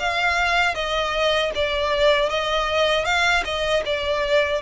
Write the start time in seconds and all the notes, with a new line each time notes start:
0.00 F5
0.75 D#5
1.55 D5
2.30 D#5
3.05 F5
3.45 D#5
3.86 D5